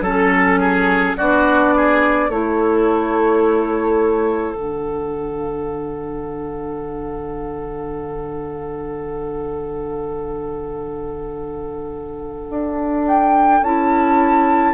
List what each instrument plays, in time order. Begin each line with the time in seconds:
0.00 bassoon F#3, clarinet C#4, oboe A4, flute A4
0.59 oboe G#4
1.17 bassoon B3, clarinet D4, oboe F#4, flute D5
1.76 oboe G#4
2.29 bassoon A3, clarinet E4, oboe A4, flute C#5
4.54 bassoon D3, clarinet D4, flute F#5
12.50 bassoon D4
13.07 flute G5
13.61 bassoon C#4, clarinet E4, flute A5